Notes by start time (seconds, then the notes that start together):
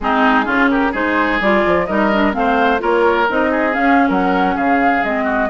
0.00 G#3 C4 D#4 G#4
0.45 C#3 C#4 F4
0.69 G4 A#4
0.91 G#3 D#4 G#4 C5
1.40 G3 F4 D5
1.65 F3
1.86 G3 D#4 A#4 D#5
2.12 D4
2.31 A3 C4 F5
2.38 C5
2.78 A#3 F4 A#4 C#5
3.29 C4 D#4 D#5
3.51 G#4
3.73 C#4 F5
4.08 F#3 A#4 F#5
4.55 C#3 G#4 F5
5.03 G#3 C4 D#5
5.24 F#4